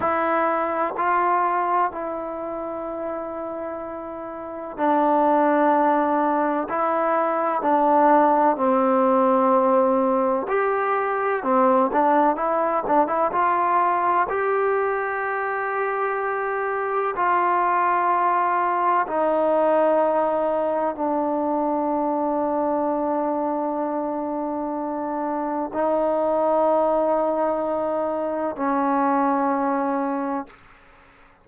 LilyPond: \new Staff \with { instrumentName = "trombone" } { \time 4/4 \tempo 4 = 63 e'4 f'4 e'2~ | e'4 d'2 e'4 | d'4 c'2 g'4 | c'8 d'8 e'8 d'16 e'16 f'4 g'4~ |
g'2 f'2 | dis'2 d'2~ | d'2. dis'4~ | dis'2 cis'2 | }